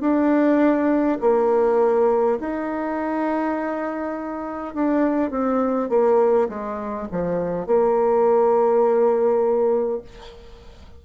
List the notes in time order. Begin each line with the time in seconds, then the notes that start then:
0.00 D4
1.20 A#3
2.40 D#4
4.74 D4
5.30 C4
5.89 A#3
6.49 G#3
7.11 F3
7.66 A#3